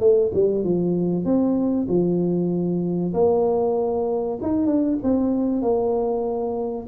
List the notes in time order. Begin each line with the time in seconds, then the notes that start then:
0.00 A3
0.34 G3
0.64 F3
1.25 C4
1.88 F3
3.14 A#3
4.42 D#4
4.66 D4
5.03 C4
5.62 A#3